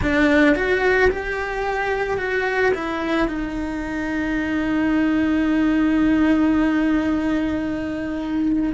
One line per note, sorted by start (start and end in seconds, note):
0.01 0.55 D4
0.55 1.10 F#4
1.10 2.17 G4
2.17 2.72 F#4
2.74 3.27 E4
3.27 8.73 D#4